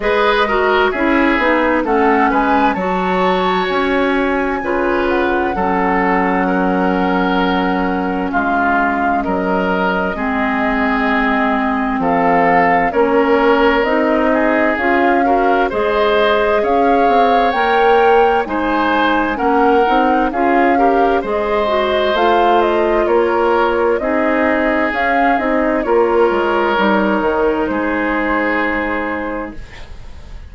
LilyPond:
<<
  \new Staff \with { instrumentName = "flute" } { \time 4/4 \tempo 4 = 65 dis''4 e''4 fis''8 gis''8 a''4 | gis''4. fis''2~ fis''8~ | fis''4 f''4 dis''2~ | dis''4 f''4 cis''4 dis''4 |
f''4 dis''4 f''4 g''4 | gis''4 fis''4 f''4 dis''4 | f''8 dis''8 cis''4 dis''4 f''8 dis''8 | cis''2 c''2 | }
  \new Staff \with { instrumentName = "oboe" } { \time 4/4 b'8 ais'8 gis'4 a'8 b'8 cis''4~ | cis''4 b'4 a'4 ais'4~ | ais'4 f'4 ais'4 gis'4~ | gis'4 a'4 ais'4. gis'8~ |
gis'8 ais'8 c''4 cis''2 | c''4 ais'4 gis'8 ais'8 c''4~ | c''4 ais'4 gis'2 | ais'2 gis'2 | }
  \new Staff \with { instrumentName = "clarinet" } { \time 4/4 gis'8 fis'8 e'8 dis'8 cis'4 fis'4~ | fis'4 f'4 cis'2~ | cis'2. c'4~ | c'2 cis'4 dis'4 |
f'8 fis'8 gis'2 ais'4 | dis'4 cis'8 dis'8 f'8 g'8 gis'8 fis'8 | f'2 dis'4 cis'8 dis'8 | f'4 dis'2. | }
  \new Staff \with { instrumentName = "bassoon" } { \time 4/4 gis4 cis'8 b8 a8 gis8 fis4 | cis'4 cis4 fis2~ | fis4 gis4 fis4 gis4~ | gis4 f4 ais4 c'4 |
cis'4 gis4 cis'8 c'8 ais4 | gis4 ais8 c'8 cis'4 gis4 | a4 ais4 c'4 cis'8 c'8 | ais8 gis8 g8 dis8 gis2 | }
>>